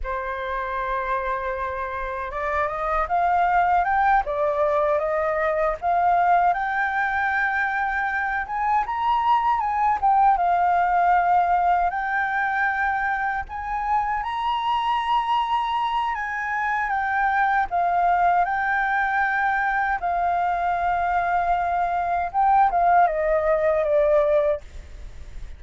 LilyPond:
\new Staff \with { instrumentName = "flute" } { \time 4/4 \tempo 4 = 78 c''2. d''8 dis''8 | f''4 g''8 d''4 dis''4 f''8~ | f''8 g''2~ g''8 gis''8 ais''8~ | ais''8 gis''8 g''8 f''2 g''8~ |
g''4. gis''4 ais''4.~ | ais''4 gis''4 g''4 f''4 | g''2 f''2~ | f''4 g''8 f''8 dis''4 d''4 | }